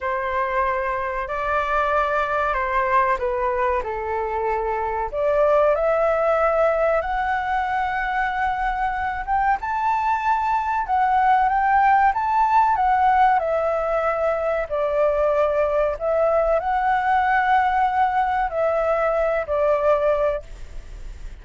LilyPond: \new Staff \with { instrumentName = "flute" } { \time 4/4 \tempo 4 = 94 c''2 d''2 | c''4 b'4 a'2 | d''4 e''2 fis''4~ | fis''2~ fis''8 g''8 a''4~ |
a''4 fis''4 g''4 a''4 | fis''4 e''2 d''4~ | d''4 e''4 fis''2~ | fis''4 e''4. d''4. | }